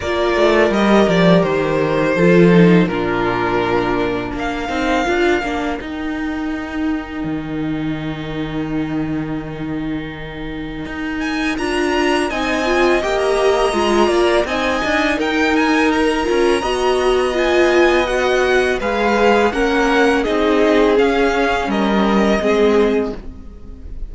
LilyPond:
<<
  \new Staff \with { instrumentName = "violin" } { \time 4/4 \tempo 4 = 83 d''4 dis''8 d''8 c''2 | ais'2 f''2 | g''1~ | g''2.~ g''8 gis''8 |
ais''4 gis''4 g''16 ais''4.~ ais''16 | gis''4 g''8 gis''8 ais''2 | gis''4 fis''4 f''4 fis''4 | dis''4 f''4 dis''2 | }
  \new Staff \with { instrumentName = "violin" } { \time 4/4 ais'2. a'4 | f'2 ais'2~ | ais'1~ | ais'1~ |
ais'4 dis''2~ dis''8 d''8 | dis''4 ais'2 dis''4~ | dis''2 b'4 ais'4 | gis'2 ais'4 gis'4 | }
  \new Staff \with { instrumentName = "viola" } { \time 4/4 f'4 g'2 f'8 dis'8 | d'2~ d'8 dis'8 f'8 d'8 | dis'1~ | dis'1 |
f'4 dis'8 f'8 g'4 f'4 | dis'2~ dis'8 f'8 fis'4 | f'4 fis'4 gis'4 cis'4 | dis'4 cis'2 c'4 | }
  \new Staff \with { instrumentName = "cello" } { \time 4/4 ais8 a8 g8 f8 dis4 f4 | ais,2 ais8 c'8 d'8 ais8 | dis'2 dis2~ | dis2. dis'4 |
d'4 c'4 ais4 gis8 ais8 | c'8 d'8 dis'4. cis'8 b4~ | b2 gis4 ais4 | c'4 cis'4 g4 gis4 | }
>>